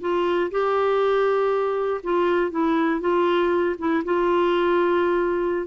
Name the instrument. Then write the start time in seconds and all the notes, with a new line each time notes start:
clarinet
0.00 F4
0.50 G4
2.03 F4
2.51 E4
3.00 F4
3.78 E4
4.04 F4